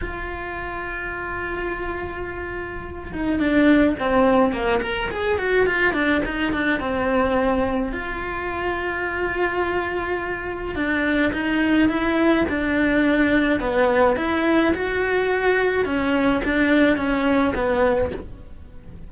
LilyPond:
\new Staff \with { instrumentName = "cello" } { \time 4/4 \tempo 4 = 106 f'1~ | f'4. dis'8 d'4 c'4 | ais8 ais'8 gis'8 fis'8 f'8 d'8 dis'8 d'8 | c'2 f'2~ |
f'2. d'4 | dis'4 e'4 d'2 | b4 e'4 fis'2 | cis'4 d'4 cis'4 b4 | }